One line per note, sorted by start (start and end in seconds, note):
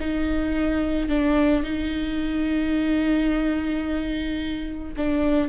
0.00 1.09 D#4
1.09 1.64 D4
1.64 4.94 D#4
4.97 5.49 D4